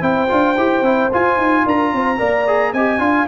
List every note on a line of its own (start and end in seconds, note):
0.00 0.28 C4
0.00 0.27 E4
0.00 1.62 C5
0.00 1.10 G5
0.28 0.57 D4
0.28 0.55 F4
0.57 0.81 E4
0.57 0.84 G4
0.81 1.08 C4
0.81 1.11 E4
1.12 2.17 F4
1.12 1.37 F4
1.12 1.67 G#5
1.37 1.64 D#4
1.65 1.92 D4
1.65 1.92 A#4
1.65 2.73 A#5
1.92 2.19 C4
1.92 2.18 C5
2.17 2.72 A#3
2.17 2.44 A#4
2.17 2.72 D5
2.47 2.74 G#4
2.72 2.98 C4
2.72 2.99 G4
2.72 3.01 D#5
2.72 3.27 G#5
2.98 3.25 D4
2.98 3.26 F4
2.98 3.27 F5